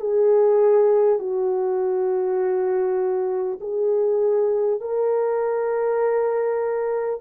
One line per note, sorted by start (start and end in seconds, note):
0.00 1.19 G#4
1.19 3.59 F#4
3.61 4.80 G#4
4.80 7.20 A#4